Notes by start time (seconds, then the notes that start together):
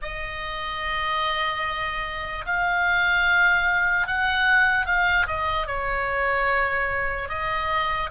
0.02 D#5
2.45 F5
4.07 F#5
4.86 F5
5.27 D#5
5.66 C#5
7.29 D#5